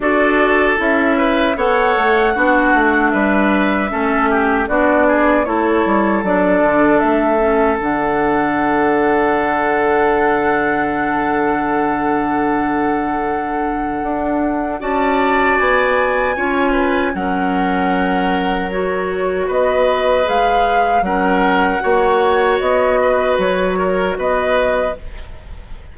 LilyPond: <<
  \new Staff \with { instrumentName = "flute" } { \time 4/4 \tempo 4 = 77 d''4 e''4 fis''2 | e''2 d''4 cis''4 | d''4 e''4 fis''2~ | fis''1~ |
fis''2. a''4 | gis''2 fis''2 | cis''4 dis''4 f''4 fis''4~ | fis''4 dis''4 cis''4 dis''4 | }
  \new Staff \with { instrumentName = "oboe" } { \time 4/4 a'4. b'8 cis''4 fis'4 | b'4 a'8 g'8 fis'8 gis'8 a'4~ | a'1~ | a'1~ |
a'2. d''4~ | d''4 cis''8 b'8 ais'2~ | ais'4 b'2 ais'4 | cis''4. b'4 ais'8 b'4 | }
  \new Staff \with { instrumentName = "clarinet" } { \time 4/4 fis'4 e'4 a'4 d'4~ | d'4 cis'4 d'4 e'4 | d'4. cis'8 d'2~ | d'1~ |
d'2. fis'4~ | fis'4 f'4 cis'2 | fis'2 gis'4 cis'4 | fis'1 | }
  \new Staff \with { instrumentName = "bassoon" } { \time 4/4 d'4 cis'4 b8 a8 b8 a8 | g4 a4 b4 a8 g8 | fis8 d8 a4 d2~ | d1~ |
d2 d'4 cis'4 | b4 cis'4 fis2~ | fis4 b4 gis4 fis4 | ais4 b4 fis4 b4 | }
>>